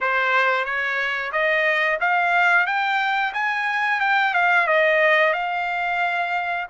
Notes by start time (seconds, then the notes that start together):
0.00 C5
0.65 C#5
1.32 D#5
2.00 F5
2.66 G5
3.33 G#5
4.00 G5
4.34 F5
4.67 D#5
5.33 F5